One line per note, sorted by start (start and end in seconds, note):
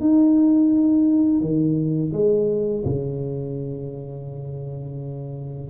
0.00 1.40 D#4
1.40 2.12 D#3
2.12 2.84 G#3
2.85 5.70 C#3